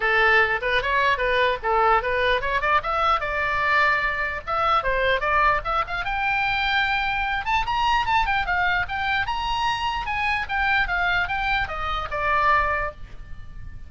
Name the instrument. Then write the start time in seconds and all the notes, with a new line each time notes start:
oboe
0.00 A4
0.61 B4
0.82 C#5
1.17 B4
1.63 A4
2.02 B4
2.41 C#5
2.61 D5
2.83 E5
3.20 D5
4.46 E5
4.83 C5
5.20 D5
5.64 E5
5.87 F5
6.04 G5
7.45 A5
7.66 A#5
8.06 A5
8.25 G5
8.45 F5
8.88 G5
9.26 A#5
10.05 G#5
10.48 G5
10.87 F5
11.28 G5
11.68 D#5
12.10 D5